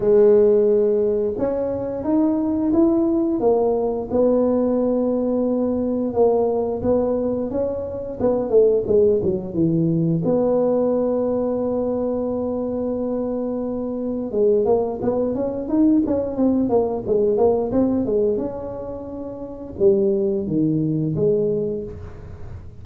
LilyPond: \new Staff \with { instrumentName = "tuba" } { \time 4/4 \tempo 4 = 88 gis2 cis'4 dis'4 | e'4 ais4 b2~ | b4 ais4 b4 cis'4 | b8 a8 gis8 fis8 e4 b4~ |
b1~ | b4 gis8 ais8 b8 cis'8 dis'8 cis'8 | c'8 ais8 gis8 ais8 c'8 gis8 cis'4~ | cis'4 g4 dis4 gis4 | }